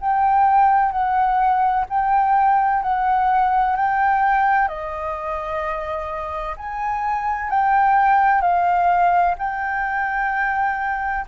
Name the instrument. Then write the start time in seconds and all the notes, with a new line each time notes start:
flute
0.00 G5
0.91 F#5
1.89 G5
2.82 F#5
3.76 G5
4.68 D#5
6.56 G#5
7.50 G5
8.41 F5
9.38 G5